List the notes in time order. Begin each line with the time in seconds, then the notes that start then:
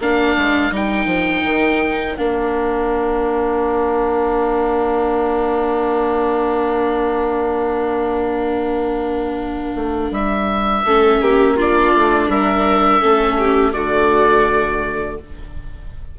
0.00 A#3 D4 A#4 F5
0.37 G#3
0.72 G3 D#4 G5
1.06 F3
1.45 D#3
2.18 A#3 D4 F5
9.76 A3
10.12 G3 E5
10.85 A3 C#4 A4
11.21 A#3 G4
11.57 D4 F4 D5
11.95 A3
12.29 G3 A#4 E5
13.01 A3 C#4 A4
13.39 G4
13.74 D3 A3 F#4 D5